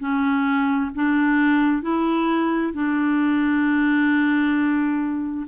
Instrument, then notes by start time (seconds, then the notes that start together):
clarinet
0.00 C#4
0.95 D4
1.83 E4
2.74 D4